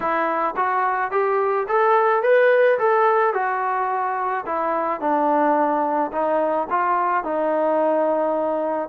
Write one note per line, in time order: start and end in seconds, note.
0.00 0.55 E4
0.56 1.11 F#4
1.11 1.66 G4
1.68 2.22 A4
2.22 2.78 B4
2.78 3.33 A4
3.33 4.44 F#4
4.45 5.00 E4
5.00 6.11 D4
6.12 6.67 D#4
6.69 7.24 F4
7.24 8.89 D#4